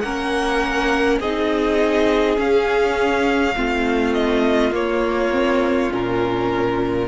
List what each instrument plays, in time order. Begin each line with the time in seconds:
0.00 cello A#3, viola C#4, violin A#4 F#5
1.19 cello C4, viola D#4, violin G#4 D#5
2.36 viola C#4, cello C#4, violin F5
3.55 cello A3, viola C4, violin F4
4.13 violin D#5
4.71 viola A#3, cello A#3, violin C#5
5.31 viola C4
5.90 cello A#2, viola C#4, violin A#4